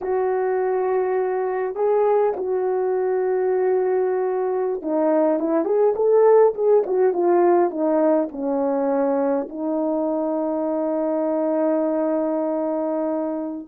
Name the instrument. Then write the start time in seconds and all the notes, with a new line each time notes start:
horn
0.01 F#4
1.75 G#4
2.36 F#4
4.82 D#4
5.39 E4
5.64 G#4
5.95 A4
6.54 G#4
6.86 F#4
7.13 F4
7.70 D#4
8.31 C#4
9.49 D#4